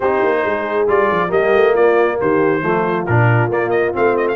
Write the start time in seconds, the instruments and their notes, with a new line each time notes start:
0.00 tuba C4, trombone D#4, horn G4, trumpet C5
0.23 tuba A#3
0.45 tuba G#3, horn G#4
0.87 tuba G3, trombone F4, trumpet D5
1.10 tuba F3
1.28 tuba G3, trombone A#3, horn G4, trumpet D#5
1.54 tuba A3
1.73 tuba A#3, horn F4, trumpet D5
2.20 tuba D#3, horn G4, trumpet C5
2.62 tuba F3, trombone A3, horn F4
3.06 tuba A#2, trombone D4, trumpet A#4
3.48 tuba A#3, trombone A#3, trumpet D5
3.69 trumpet D#5
3.93 tuba A3, trombone C4, trumpet F5
4.16 trumpet D#5
4.28 trumpet F5